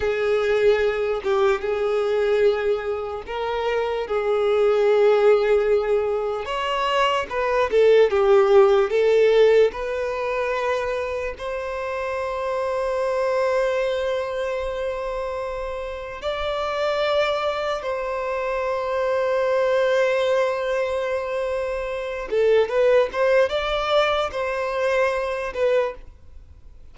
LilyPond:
\new Staff \with { instrumentName = "violin" } { \time 4/4 \tempo 4 = 74 gis'4. g'8 gis'2 | ais'4 gis'2. | cis''4 b'8 a'8 g'4 a'4 | b'2 c''2~ |
c''1 | d''2 c''2~ | c''2.~ c''8 a'8 | b'8 c''8 d''4 c''4. b'8 | }